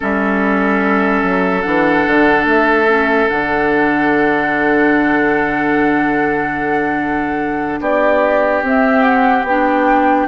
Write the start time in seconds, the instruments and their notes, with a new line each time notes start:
0.00 bassoon G3, clarinet C#4, oboe A4, flute E5
1.23 bassoon F#3
1.62 bassoon E3, clarinet D4, flute F#5
2.06 bassoon D3
2.45 bassoon A3, flute E5
2.87 clarinet C#4
3.28 bassoon D3, clarinet D4, flute F#5
7.80 bassoon B3, oboe G4, flute D5
8.62 bassoon C4, clarinet C4, flute E5
9.02 flute F#5
9.43 bassoon B3, flute G5
9.49 clarinet D4